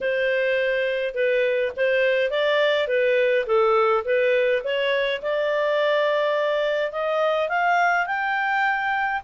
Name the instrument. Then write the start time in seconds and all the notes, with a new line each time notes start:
clarinet
0.01 C5
1.14 B4
1.76 C5
2.30 D5
2.87 B4
3.46 A4
4.04 B4
4.64 C#5
5.22 D5
6.92 D#5
7.48 F5
8.06 G5